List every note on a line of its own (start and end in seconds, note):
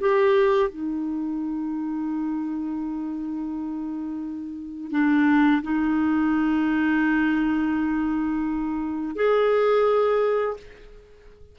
0.00 0.69 G4
0.69 4.91 D#4
4.91 5.62 D4
5.62 9.15 D#4
9.16 10.57 G#4